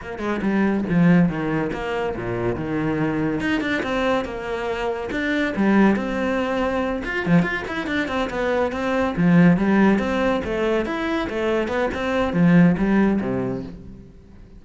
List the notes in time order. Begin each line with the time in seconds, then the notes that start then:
0.02 A#3
0.19 G#3
0.41 G3
0.89 F3
1.28 D#3
1.72 A#3
2.16 A#2
2.55 D#3
3.40 D#4
3.61 D4
3.82 C4
4.24 A#3
5.11 D4
5.56 G3
5.96 C4
7.04 F4
7.26 F3
7.42 F4
7.67 E4
7.86 D4
8.08 C4
8.30 B3
8.72 C4
9.16 F3
9.57 G3
9.98 C4
10.44 A3
10.85 E4
11.29 A3
11.68 B3
11.94 C4
12.33 F3
12.77 G3
13.20 C3